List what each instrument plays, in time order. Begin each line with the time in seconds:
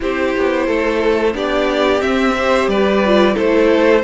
0.00 cello C4, viola E4, violin G4 C5
0.37 cello B3
0.66 cello A3, violin A4
1.33 cello B3, viola D4, violin G4 D5
1.98 viola C4, cello C4, violin E5
2.37 viola G4, violin C5
2.67 cello G3, violin B4 D5
3.05 viola F4
3.33 cello A3, viola E4, violin A4 C5